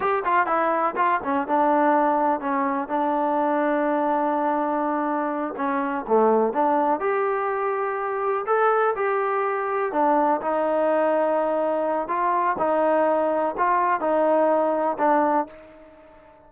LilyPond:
\new Staff \with { instrumentName = "trombone" } { \time 4/4 \tempo 4 = 124 g'8 f'8 e'4 f'8 cis'8 d'4~ | d'4 cis'4 d'2~ | d'2.~ d'8 cis'8~ | cis'8 a4 d'4 g'4.~ |
g'4. a'4 g'4.~ | g'8 d'4 dis'2~ dis'8~ | dis'4 f'4 dis'2 | f'4 dis'2 d'4 | }